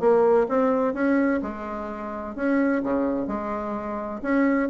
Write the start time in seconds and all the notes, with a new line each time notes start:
0.00 A#3
0.48 C4
0.93 C#4
1.42 G#3
2.35 C#4
2.83 C#3
3.27 G#3
4.22 C#4